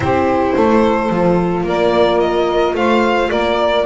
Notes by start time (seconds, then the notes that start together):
0.00 C4 E4 G4 C5
0.55 A3 A4
1.10 F3 F4
1.63 A#3 A#4 D5
2.20 D#5
2.74 A3 C5 F5
3.30 A#3 A#4 D5